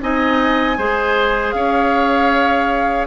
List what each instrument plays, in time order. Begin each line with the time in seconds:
0.00 bassoon C4, clarinet D#4, oboe D#5, flute G#5
0.78 bassoon G#3, clarinet G#4, oboe C5
1.52 bassoon C#4, oboe C#5, flute F5